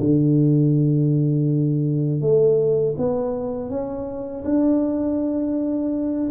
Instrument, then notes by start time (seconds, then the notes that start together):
tuba
0.00 D3
2.21 A3
2.98 B3
3.70 C#4
4.45 D4